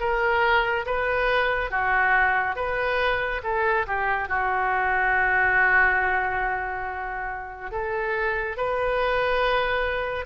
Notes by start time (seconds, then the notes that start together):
0.00 A#4
0.86 B4
1.71 F#4
2.56 B4
3.43 A4
3.87 G4
4.29 F#4
7.71 A4
8.57 B4